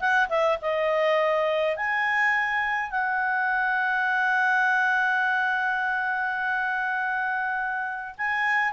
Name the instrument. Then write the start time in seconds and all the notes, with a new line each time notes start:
clarinet
0.00 F#5
0.29 E5
0.62 D#5
1.76 G#5
2.91 F#5
8.18 G#5